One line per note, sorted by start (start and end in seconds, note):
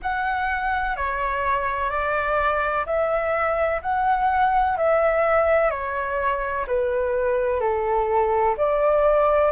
0.02 0.96 F#5
0.96 1.90 C#5
1.90 2.85 D5
2.86 3.81 E5
3.82 4.77 F#5
4.77 5.70 E5
5.70 6.65 C#5
6.67 7.60 B4
7.60 8.55 A4
8.57 9.51 D5